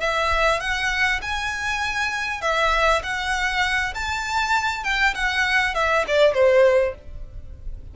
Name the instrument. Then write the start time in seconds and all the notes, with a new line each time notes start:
violin
0.00 E5
0.60 F#5
1.22 G#5
2.41 E5
3.03 F#5
3.95 A5
4.84 G5
5.15 F#5
5.74 E5
6.07 D5
6.34 C5